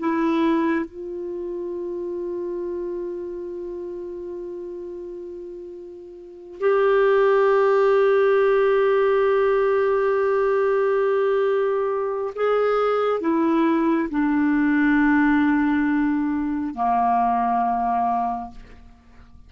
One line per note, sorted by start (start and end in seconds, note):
0.00 0.86 E4
0.86 6.59 F4
6.61 12.34 G4
12.36 13.21 G#4
13.21 14.09 E4
14.10 16.75 D4
16.75 18.51 A#3